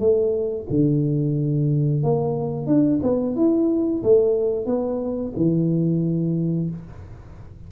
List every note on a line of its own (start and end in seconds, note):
0.00 0.67 A3
0.70 2.03 D3
2.03 2.67 A#3
2.67 3.00 D4
3.03 3.36 B3
3.36 4.03 E4
4.03 4.66 A3
4.66 5.32 B3
5.36 6.70 E3